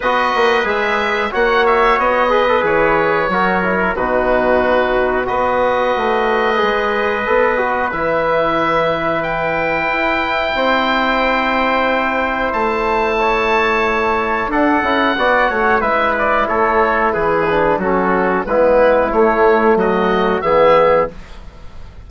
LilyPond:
<<
  \new Staff \with { instrumentName = "oboe" } { \time 4/4 \tempo 4 = 91 dis''4 e''4 fis''8 e''8 dis''4 | cis''2 b'2 | dis''1 | e''2 g''2~ |
g''2. a''4~ | a''2 fis''2 | e''8 d''8 cis''4 b'4 a'4 | b'4 cis''4 dis''4 e''4 | }
  \new Staff \with { instrumentName = "trumpet" } { \time 4/4 b'2 cis''4. b'8~ | b'4 ais'4 fis'2 | b'1~ | b'1 |
c''1 | cis''2 a'4 d''8 cis''8 | b'4 a'4 gis'4 fis'4 | e'2 fis'4 gis'4 | }
  \new Staff \with { instrumentName = "trombone" } { \time 4/4 fis'4 gis'4 fis'4. gis'16 a'16 | gis'4 fis'8 e'8 dis'2 | fis'2 gis'4 a'8 fis'8 | e'1~ |
e'1~ | e'2 d'8 e'8 fis'4 | e'2~ e'8 d'8 cis'4 | b4 a2 b4 | }
  \new Staff \with { instrumentName = "bassoon" } { \time 4/4 b8 ais8 gis4 ais4 b4 | e4 fis4 b,2 | b4 a4 gis4 b4 | e2. e'4 |
c'2. a4~ | a2 d'8 cis'8 b8 a8 | gis4 a4 e4 fis4 | gis4 a4 fis4 e4 | }
>>